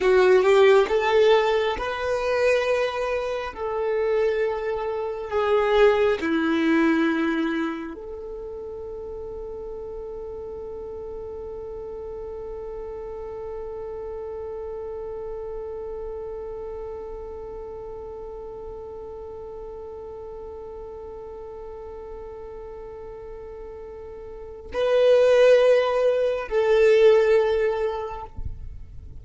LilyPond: \new Staff \with { instrumentName = "violin" } { \time 4/4 \tempo 4 = 68 fis'8 g'8 a'4 b'2 | a'2 gis'4 e'4~ | e'4 a'2.~ | a'1~ |
a'1~ | a'1~ | a'1 | b'2 a'2 | }